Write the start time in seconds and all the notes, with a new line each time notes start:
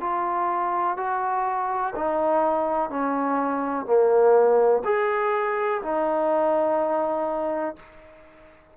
0.00 F4
0.96 F#4
1.95 D#4
2.89 C#4
3.85 A#3
4.84 G#4
5.82 D#4